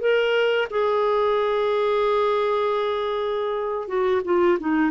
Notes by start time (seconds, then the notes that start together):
0.00 A#4
0.70 G#4
3.87 F#4
4.24 F4
4.59 D#4